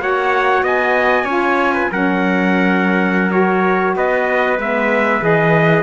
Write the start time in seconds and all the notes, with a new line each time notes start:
0.00 A#3 F#4 C#5 F#5
0.63 B3 D#5 G#5
1.24 C#4 F4 C#5
1.74 B4
1.92 F#3 C#4 A#4 F#5
3.31 F#4 C#5
3.96 B3 B4 D#5
4.59 G#3 B3 E5
5.22 E3 G#4 D#5